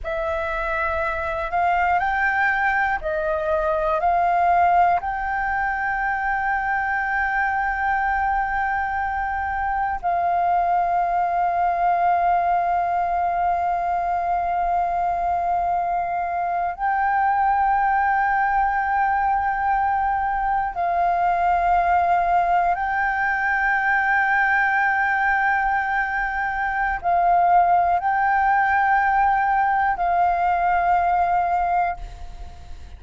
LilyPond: \new Staff \with { instrumentName = "flute" } { \time 4/4 \tempo 4 = 60 e''4. f''8 g''4 dis''4 | f''4 g''2.~ | g''2 f''2~ | f''1~ |
f''8. g''2.~ g''16~ | g''8. f''2 g''4~ g''16~ | g''2. f''4 | g''2 f''2 | }